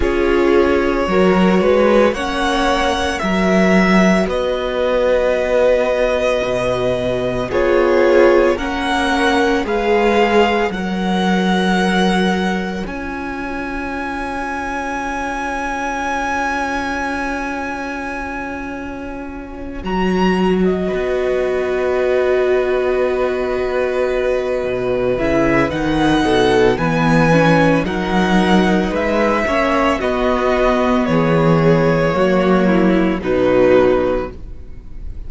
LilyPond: <<
  \new Staff \with { instrumentName = "violin" } { \time 4/4 \tempo 4 = 56 cis''2 fis''4 e''4 | dis''2. cis''4 | fis''4 f''4 fis''2 | gis''1~ |
gis''2~ gis''8 ais''8. dis''8.~ | dis''2.~ dis''8 e''8 | fis''4 gis''4 fis''4 e''4 | dis''4 cis''2 b'4 | }
  \new Staff \with { instrumentName = "violin" } { \time 4/4 gis'4 ais'8 b'8 cis''4 ais'4 | b'2. gis'4 | ais'4 b'4 cis''2~ | cis''1~ |
cis''2.~ cis''8 b'8~ | b'1~ | b'8 a'8 b'4 ais'4 b'8 cis''8 | fis'4 gis'4 fis'8 e'8 dis'4 | }
  \new Staff \with { instrumentName = "viola" } { \time 4/4 f'4 fis'4 cis'4 fis'4~ | fis'2. f'4 | cis'4 gis'4 ais'2 | f'1~ |
f'2~ f'8 fis'4.~ | fis'2.~ fis'8 e'8 | dis'4 b8 cis'8 dis'4. cis'8 | b2 ais4 fis4 | }
  \new Staff \with { instrumentName = "cello" } { \time 4/4 cis'4 fis8 gis8 ais4 fis4 | b2 b,4 b4 | ais4 gis4 fis2 | cis'1~ |
cis'2~ cis'8 fis4 b8~ | b2. b,8 cis8 | dis8 b,8 e4 fis4 gis8 ais8 | b4 e4 fis4 b,4 | }
>>